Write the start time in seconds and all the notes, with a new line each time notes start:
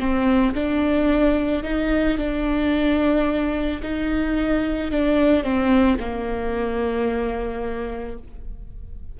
0.00 C4
0.55 D4
1.64 D#4
2.18 D4
3.83 D#4
4.92 D4
5.44 C4
6.00 A#3